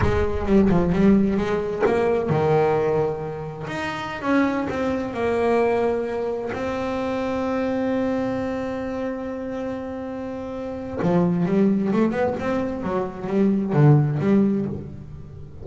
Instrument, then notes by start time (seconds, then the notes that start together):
double bass
0.01 G#3
0.46 G3
0.69 F3
0.92 G3
1.37 G#3
1.85 A#3
2.29 D#3
3.67 D#4
4.21 C#4
4.69 C4
5.13 A#3
6.52 C4
11.02 F3
11.45 G3
11.92 A3
12.11 B3
12.39 C4
12.82 F#3
13.27 G3
13.73 D3
14.19 G3